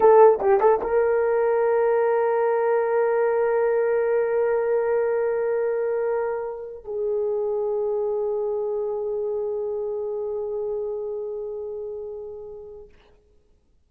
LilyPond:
\new Staff \with { instrumentName = "horn" } { \time 4/4 \tempo 4 = 149 a'4 g'8 a'8 ais'2~ | ais'1~ | ais'1~ | ais'1~ |
ais'4 gis'2.~ | gis'1~ | gis'1~ | gis'1 | }